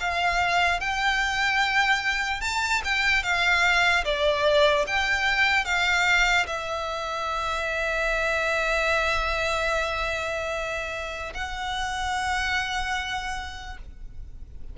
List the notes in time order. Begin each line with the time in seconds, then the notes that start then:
0.00 F5
0.81 G5
2.41 A5
2.85 G5
3.24 F5
4.05 D5
4.88 G5
5.65 F5
6.47 E5
11.34 F#5